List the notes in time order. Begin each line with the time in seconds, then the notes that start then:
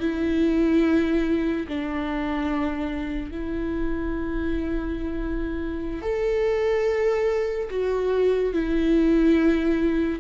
0.00 E4
1.68 D4
3.31 E4
6.02 A4
7.70 F#4
8.53 E4